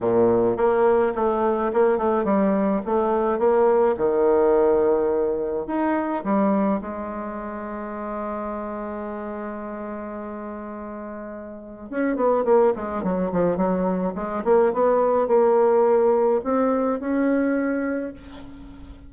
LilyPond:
\new Staff \with { instrumentName = "bassoon" } { \time 4/4 \tempo 4 = 106 ais,4 ais4 a4 ais8 a8 | g4 a4 ais4 dis4~ | dis2 dis'4 g4 | gis1~ |
gis1~ | gis4 cis'8 b8 ais8 gis8 fis8 f8 | fis4 gis8 ais8 b4 ais4~ | ais4 c'4 cis'2 | }